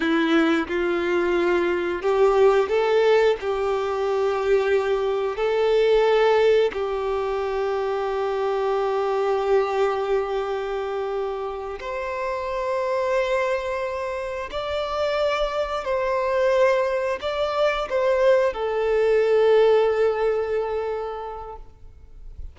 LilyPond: \new Staff \with { instrumentName = "violin" } { \time 4/4 \tempo 4 = 89 e'4 f'2 g'4 | a'4 g'2. | a'2 g'2~ | g'1~ |
g'4. c''2~ c''8~ | c''4. d''2 c''8~ | c''4. d''4 c''4 a'8~ | a'1 | }